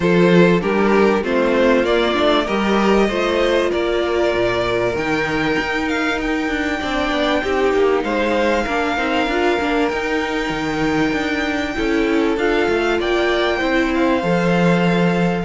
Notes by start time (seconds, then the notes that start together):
0.00 F3 F4 A4 C5
0.60 G3 D4 G4 A#4
1.23 A3 C4 F4 C5
1.84 A#3 D5
2.14 A3 D4
2.45 G3 G4 A#4 D#5
3.08 A3 F4 C5
3.69 A#3 A#4 D5
4.34 A#2
4.95 D#3 D#4 G5
5.59 D#4
5.88 F5
6.21 G5
6.48 D4
6.79 C4 D4 D5
7.11 B3
7.43 C4 D#4 G4
7.73 A#3
8.03 G#3 C5 F5
8.63 A#3 D4 A#4
8.97 C4 D#4
9.27 D4 F4
9.60 A#3 D4
9.88 D#4 G5
10.49 D#3
11.12 D4
11.75 C#4 E4 A4
12.37 D4 F4 F5
12.68 A3
12.99 A#3 D5 G5
13.56 C4 E4 C5
13.94 F5
14.22 F3 A4